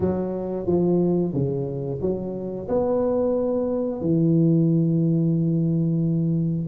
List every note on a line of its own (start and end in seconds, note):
0.00 0.66 F#3
0.66 1.33 F3
1.33 2.00 C#3
2.01 2.68 F#3
2.68 4.01 B3
4.01 6.67 E3